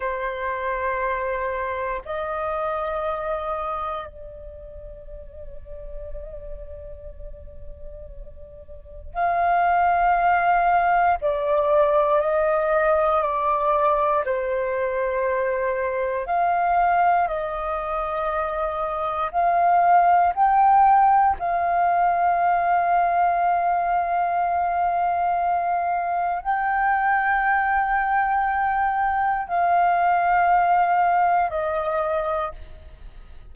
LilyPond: \new Staff \with { instrumentName = "flute" } { \time 4/4 \tempo 4 = 59 c''2 dis''2 | d''1~ | d''4 f''2 d''4 | dis''4 d''4 c''2 |
f''4 dis''2 f''4 | g''4 f''2.~ | f''2 g''2~ | g''4 f''2 dis''4 | }